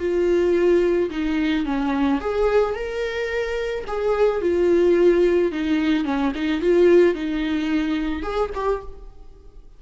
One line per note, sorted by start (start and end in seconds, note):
0.00 1.10 F4
1.11 1.66 D#4
1.66 2.21 C#4
2.21 2.75 G#4
2.75 3.85 A#4
3.88 4.42 G#4
4.42 5.52 F4
5.52 6.05 D#4
6.05 6.32 C#4
6.35 6.62 D#4
6.62 7.15 F4
7.15 8.23 D#4
8.23 8.50 G#4
8.55 8.82 G4